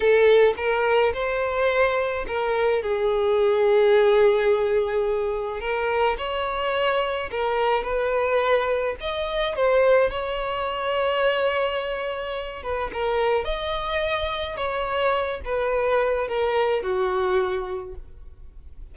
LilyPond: \new Staff \with { instrumentName = "violin" } { \time 4/4 \tempo 4 = 107 a'4 ais'4 c''2 | ais'4 gis'2.~ | gis'2 ais'4 cis''4~ | cis''4 ais'4 b'2 |
dis''4 c''4 cis''2~ | cis''2~ cis''8 b'8 ais'4 | dis''2 cis''4. b'8~ | b'4 ais'4 fis'2 | }